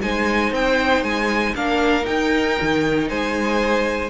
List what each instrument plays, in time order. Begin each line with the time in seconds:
0.00 cello G#3, viola D#4, violin C5 G#5
0.52 cello C4, violin G5
1.03 cello G#3, violin G#5
1.56 cello A#3, viola D4, violin A#4 F5
2.03 viola D#4, cello D#4, violin G5
2.62 cello D#3
3.09 cello G#3, violin C5 G#5